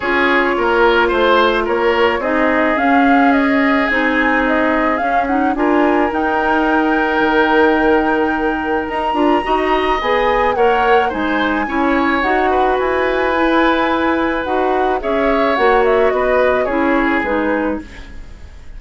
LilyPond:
<<
  \new Staff \with { instrumentName = "flute" } { \time 4/4 \tempo 4 = 108 cis''2 c''4 cis''4 | dis''4 f''4 dis''4 gis''4 | dis''4 f''8 fis''8 gis''4 g''4~ | g''1 |
ais''2 gis''4 fis''4 | gis''2 fis''4 gis''4~ | gis''2 fis''4 e''4 | fis''8 e''8 dis''4 cis''4 b'4 | }
  \new Staff \with { instrumentName = "oboe" } { \time 4/4 gis'4 ais'4 c''4 ais'4 | gis'1~ | gis'2 ais'2~ | ais'1~ |
ais'4 dis''2 cis''4 | c''4 cis''4. b'4.~ | b'2. cis''4~ | cis''4 b'4 gis'2 | }
  \new Staff \with { instrumentName = "clarinet" } { \time 4/4 f'1 | dis'4 cis'2 dis'4~ | dis'4 cis'8 dis'8 f'4 dis'4~ | dis'1~ |
dis'8 f'8 fis'4 gis'4 ais'4 | dis'4 e'4 fis'2 | e'2 fis'4 gis'4 | fis'2 e'4 dis'4 | }
  \new Staff \with { instrumentName = "bassoon" } { \time 4/4 cis'4 ais4 a4 ais4 | c'4 cis'2 c'4~ | c'4 cis'4 d'4 dis'4~ | dis'4 dis2. |
dis'8 d'8 dis'4 b4 ais4 | gis4 cis'4 dis'4 e'4~ | e'2 dis'4 cis'4 | ais4 b4 cis'4 gis4 | }
>>